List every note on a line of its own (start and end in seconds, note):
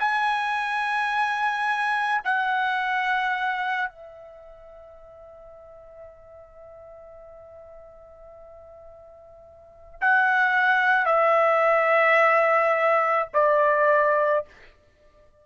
0.00 2.22 G#5
2.25 3.89 F#5
3.89 10.00 E5
10.02 11.06 F#5
11.06 13.28 E5
13.34 14.45 D5